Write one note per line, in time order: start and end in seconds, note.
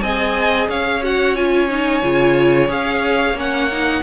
0.00 0.68 C4
0.00 1.02 G#4
0.00 0.69 D#5
0.00 0.67 G#5
0.69 2.02 C#4
0.69 4.02 C#5
0.69 1.03 F5
1.02 1.35 F#4
1.02 1.35 F#5
1.35 1.68 F4
1.35 2.69 G#5
1.69 2.02 D#4
2.02 2.69 C#3
2.02 2.68 F4
2.68 3.33 C#4
2.68 3.34 G#4
2.68 3.38 F5
3.33 4.00 A#3
3.33 3.70 C#4
3.33 4.02 F#5
3.71 4.02 D#4